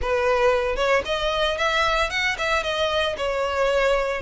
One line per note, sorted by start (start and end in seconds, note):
0.01 0.76 B4
0.76 1.02 C#5
1.05 1.57 D#5
1.57 2.10 E5
2.10 2.36 F#5
2.38 2.63 E5
2.63 3.16 D#5
3.17 4.21 C#5